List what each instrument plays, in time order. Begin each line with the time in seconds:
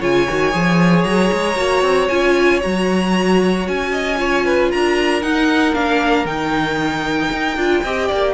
0.00 cello C#3, viola F4, violin C#5 G#5
0.28 cello D#3, viola F#4
0.52 cello F3, viola G#4
1.04 cello F#3, violin A#5
1.33 cello G#3
1.57 cello A#3, viola F#4
1.82 cello C4
2.08 cello C#4, viola F4, violin G#5
2.61 cello F#3, viola F#4, violin A#5
3.68 cello C#4, violin G#5
3.91 violin D#5
4.18 viola F4, violin C#5
4.46 violin B4
4.71 cello D4, violin A#4 A#5
5.22 viola D#4, cello D#4, violin F#5
5.74 cello A#3, viola D4, violin F5
6.25 cello D#3, viola D#4, violin G5
7.32 cello D#4
7.57 cello D4, viola F4
7.84 cello C4, viola G4, violin D#5
8.07 cello A#3, violin D5